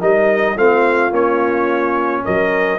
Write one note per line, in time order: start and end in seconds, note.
0.00 0.56 G3
0.00 0.56 D#4
0.00 0.56 A#4
0.00 0.58 D#5
0.56 1.11 A3
0.56 1.11 C4
0.56 2.25 F4
0.56 1.14 F5
1.11 2.24 A#3
1.11 2.79 C#4
1.11 2.25 C#5
2.25 2.80 F#3
2.25 2.80 A#4
2.25 2.80 D#5